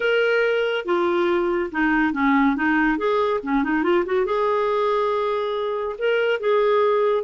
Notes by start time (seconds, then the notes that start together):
0.00 A#4
0.85 F4
1.71 D#4
2.13 C#4
2.55 D#4
2.97 G#4
3.43 C#4
3.63 D#4
3.83 F4
4.05 F#4
4.25 G#4
5.98 A#4
6.39 G#4